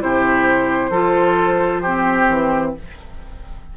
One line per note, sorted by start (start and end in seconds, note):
0.00 0.90 C3
0.00 0.91 E4
0.00 0.91 G4
0.00 2.74 C5
0.90 2.27 F3
0.90 1.83 F4
0.90 1.81 A4
1.82 2.76 C4
1.82 2.73 G4
2.29 2.74 E3